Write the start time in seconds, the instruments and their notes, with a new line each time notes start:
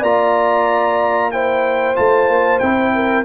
0.00 tuba A#3, trombone F4, horn D5, trumpet A#5
1.31 trombone E4, horn C5, trumpet G5
1.95 tuba A3, trombone F4, trumpet A5
2.29 tuba A#3
2.60 tuba C4, trombone E4, trumpet G5
2.94 horn A#4